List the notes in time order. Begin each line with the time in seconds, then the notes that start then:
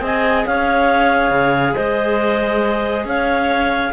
0.00 C4 G#4 D#5 G#5
0.46 C#4 C#5 F5
1.31 C#3
1.74 G#3 C5 D#5
3.05 C#4 C#5 F5